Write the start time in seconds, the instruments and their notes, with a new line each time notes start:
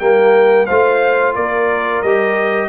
0.00 tuba G3, trombone A#3, horn A#4, trumpet G5
0.66 tuba A3, trombone F4, horn C5, trumpet F5
1.36 tuba A#3, horn A#4, trumpet D5
2.02 tuba G3, trombone G4, trumpet D#5